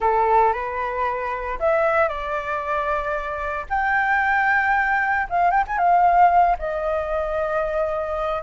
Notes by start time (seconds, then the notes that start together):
0.00 A4
0.53 B4
1.59 E5
2.08 D5
3.69 G5
5.29 F5
5.50 G5
5.67 G#5
5.78 F5
6.58 D#5